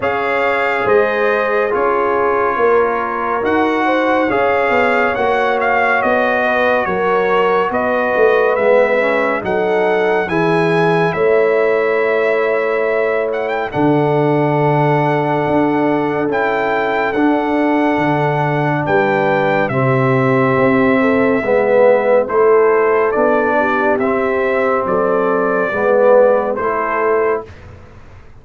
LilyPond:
<<
  \new Staff \with { instrumentName = "trumpet" } { \time 4/4 \tempo 4 = 70 f''4 dis''4 cis''2 | fis''4 f''4 fis''8 f''8 dis''4 | cis''4 dis''4 e''4 fis''4 | gis''4 e''2~ e''8 fis''16 g''16 |
fis''2. g''4 | fis''2 g''4 e''4~ | e''2 c''4 d''4 | e''4 d''2 c''4 | }
  \new Staff \with { instrumentName = "horn" } { \time 4/4 cis''4 c''4 gis'4 ais'4~ | ais'8 c''8 cis''2~ cis''8 b'8 | ais'4 b'2 a'4 | gis'4 cis''2. |
a'1~ | a'2 b'4 g'4~ | g'8 a'8 b'4 a'4. g'8~ | g'4 a'4 b'4 a'4 | }
  \new Staff \with { instrumentName = "trombone" } { \time 4/4 gis'2 f'2 | fis'4 gis'4 fis'2~ | fis'2 b8 cis'8 dis'4 | e'1 |
d'2. e'4 | d'2. c'4~ | c'4 b4 e'4 d'4 | c'2 b4 e'4 | }
  \new Staff \with { instrumentName = "tuba" } { \time 4/4 cis'4 gis4 cis'4 ais4 | dis'4 cis'8 b8 ais4 b4 | fis4 b8 a8 gis4 fis4 | e4 a2. |
d2 d'4 cis'4 | d'4 d4 g4 c4 | c'4 gis4 a4 b4 | c'4 fis4 gis4 a4 | }
>>